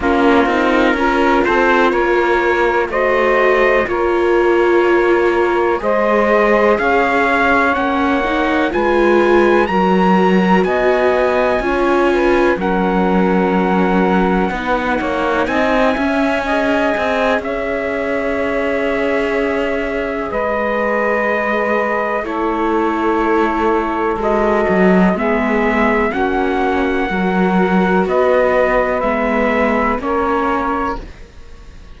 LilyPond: <<
  \new Staff \with { instrumentName = "trumpet" } { \time 4/4 \tempo 4 = 62 ais'4. c''8 cis''4 dis''4 | cis''2 dis''4 f''4 | fis''4 gis''4 ais''4 gis''4~ | gis''4 fis''2. |
gis''2 e''2~ | e''4 dis''2 cis''4~ | cis''4 dis''4 e''4 fis''4~ | fis''4 dis''4 e''4 cis''4 | }
  \new Staff \with { instrumentName = "saxophone" } { \time 4/4 f'4 ais'8 a'8 ais'4 c''4 | ais'2 c''4 cis''4~ | cis''4 b'4 ais'4 dis''4 | cis''8 b'8 ais'2 b'8 cis''8 |
dis''8 e''8 dis''4 cis''2~ | cis''4 b'2 a'4~ | a'2 gis'4 fis'4 | ais'4 b'2 ais'4 | }
  \new Staff \with { instrumentName = "viola" } { \time 4/4 cis'8 dis'8 f'2 fis'4 | f'2 gis'2 | cis'8 dis'8 f'4 fis'2 | f'4 cis'2 dis'4~ |
dis'8 cis'8 gis'2.~ | gis'2. e'4~ | e'4 fis'4 b4 cis'4 | fis'2 b4 cis'4 | }
  \new Staff \with { instrumentName = "cello" } { \time 4/4 ais8 c'8 cis'8 c'8 ais4 a4 | ais2 gis4 cis'4 | ais4 gis4 fis4 b4 | cis'4 fis2 b8 ais8 |
c'8 cis'4 c'8 cis'2~ | cis'4 gis2 a4~ | a4 gis8 fis8 gis4 ais4 | fis4 b4 gis4 ais4 | }
>>